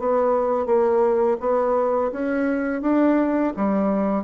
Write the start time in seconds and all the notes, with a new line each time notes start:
0.00 B3
0.66 A#3
1.41 B3
2.13 C#4
2.82 D4
3.57 G3